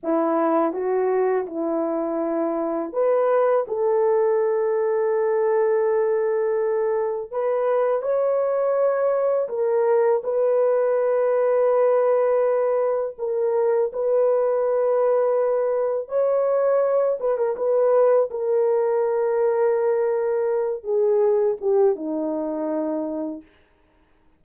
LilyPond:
\new Staff \with { instrumentName = "horn" } { \time 4/4 \tempo 4 = 82 e'4 fis'4 e'2 | b'4 a'2.~ | a'2 b'4 cis''4~ | cis''4 ais'4 b'2~ |
b'2 ais'4 b'4~ | b'2 cis''4. b'16 ais'16 | b'4 ais'2.~ | ais'8 gis'4 g'8 dis'2 | }